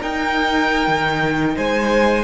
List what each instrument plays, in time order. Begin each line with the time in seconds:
0.00 cello D#4, viola D#4, violin A#4 G5
0.87 cello D#3
1.56 cello G#3, violin C5 G#5